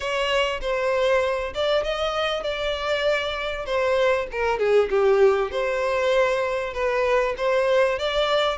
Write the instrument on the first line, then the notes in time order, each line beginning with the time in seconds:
violin
0.00 C#5
0.61 C5
1.54 D5
1.83 D#5
2.43 D5
3.65 C5
4.31 A#4
4.58 G#4
4.90 G4
5.51 C5
6.73 B4
7.37 C5
7.98 D5